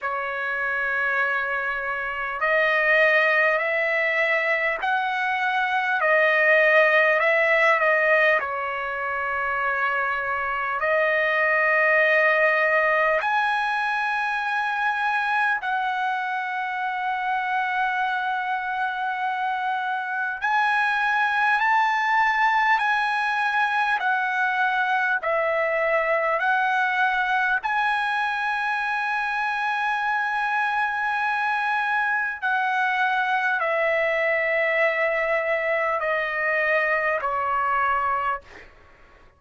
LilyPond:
\new Staff \with { instrumentName = "trumpet" } { \time 4/4 \tempo 4 = 50 cis''2 dis''4 e''4 | fis''4 dis''4 e''8 dis''8 cis''4~ | cis''4 dis''2 gis''4~ | gis''4 fis''2.~ |
fis''4 gis''4 a''4 gis''4 | fis''4 e''4 fis''4 gis''4~ | gis''2. fis''4 | e''2 dis''4 cis''4 | }